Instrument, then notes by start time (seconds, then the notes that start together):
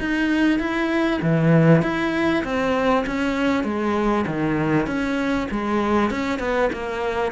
cello
0.00 D#4
0.60 E4
1.22 E3
1.83 E4
2.44 C4
3.07 C#4
3.64 G#3
4.27 D#3
4.87 C#4
5.51 G#3
6.11 C#4
6.40 B3
6.73 A#3